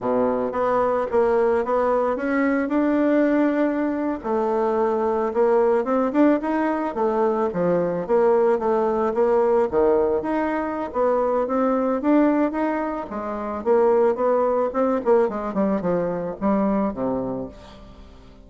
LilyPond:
\new Staff \with { instrumentName = "bassoon" } { \time 4/4 \tempo 4 = 110 b,4 b4 ais4 b4 | cis'4 d'2~ d'8. a16~ | a4.~ a16 ais4 c'8 d'8 dis'16~ | dis'8. a4 f4 ais4 a16~ |
a8. ais4 dis4 dis'4~ dis'16 | b4 c'4 d'4 dis'4 | gis4 ais4 b4 c'8 ais8 | gis8 g8 f4 g4 c4 | }